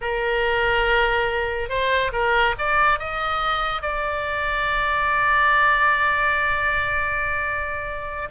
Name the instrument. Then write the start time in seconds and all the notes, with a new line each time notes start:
oboe
0.01 A#4
1.69 C5
2.12 A#4
2.58 D5
2.99 D#5
3.82 D5